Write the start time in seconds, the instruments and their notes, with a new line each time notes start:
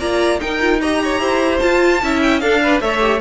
0.00 cello A#3, viola F4, violin D5 A#5
0.39 viola D#4, cello D#4, violin A#4 G5
0.60 viola F4
0.81 viola G4, violin D#5 A#5
1.04 violin C#5
1.20 cello E4, violin C5
1.60 viola F4, cello F4, violin A5
2.03 cello C#4, viola E4, violin E5
2.23 violin G5
2.40 viola D4, cello D4, violin A4 F5
2.63 violin B4
2.81 cello A3, viola A4, violin C#5 E5
3.00 viola G4